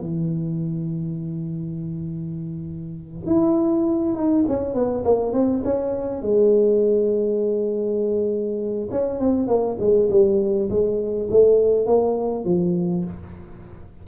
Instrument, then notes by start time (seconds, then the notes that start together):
tuba
0.00 E3
3.26 E4
4.15 D#4
4.48 C#4
4.74 B3
5.05 A#3
5.33 C4
5.64 C#4
6.22 G#3
8.91 C#4
9.20 C4
9.48 A#3
9.80 G#3
10.10 G3
10.70 G#3
11.31 A3
11.86 A#3
12.45 F3